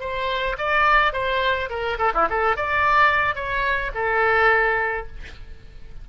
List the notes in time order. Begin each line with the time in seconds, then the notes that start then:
0.00 C5
0.58 D5
1.13 C5
1.70 A#4
1.98 A4
2.14 E4
2.29 A4
2.56 D5
3.35 C#5
3.95 A4